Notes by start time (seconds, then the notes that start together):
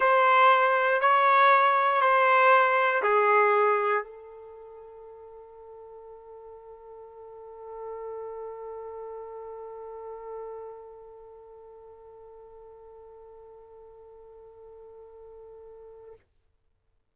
0.00 C5
1.00 C#5
2.01 C5
3.02 G#4
4.03 A4